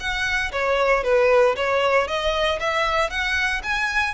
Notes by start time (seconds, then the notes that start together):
0.00 F#5
0.52 C#5
1.04 B4
1.56 C#5
2.07 D#5
2.60 E5
3.10 F#5
3.63 G#5